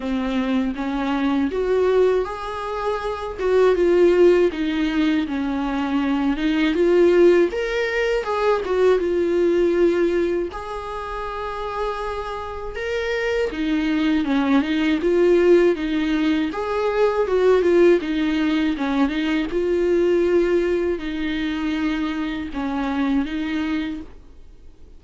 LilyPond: \new Staff \with { instrumentName = "viola" } { \time 4/4 \tempo 4 = 80 c'4 cis'4 fis'4 gis'4~ | gis'8 fis'8 f'4 dis'4 cis'4~ | cis'8 dis'8 f'4 ais'4 gis'8 fis'8 | f'2 gis'2~ |
gis'4 ais'4 dis'4 cis'8 dis'8 | f'4 dis'4 gis'4 fis'8 f'8 | dis'4 cis'8 dis'8 f'2 | dis'2 cis'4 dis'4 | }